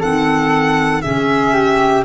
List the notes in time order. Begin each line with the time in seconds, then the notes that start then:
0.00 D#3 C4 A4 F#5
1.02 C#3 C#4 G#4 E5
1.54 G4